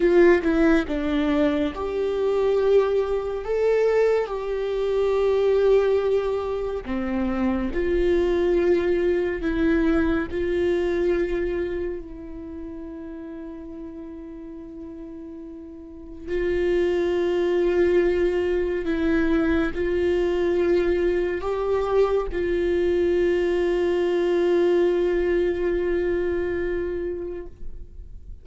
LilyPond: \new Staff \with { instrumentName = "viola" } { \time 4/4 \tempo 4 = 70 f'8 e'8 d'4 g'2 | a'4 g'2. | c'4 f'2 e'4 | f'2 e'2~ |
e'2. f'4~ | f'2 e'4 f'4~ | f'4 g'4 f'2~ | f'1 | }